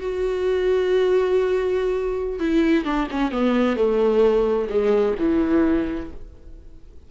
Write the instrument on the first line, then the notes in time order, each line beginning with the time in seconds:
viola
0.00 F#4
2.40 E4
2.85 D4
3.11 C#4
3.32 B3
3.76 A3
4.70 G#3
5.19 E3